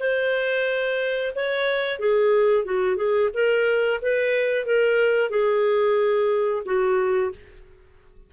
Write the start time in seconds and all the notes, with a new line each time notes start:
0.00 C5
1.35 C#5
2.00 G#4
2.65 F#4
2.97 G#4
3.34 A#4
4.02 B4
4.66 A#4
5.30 G#4
6.65 F#4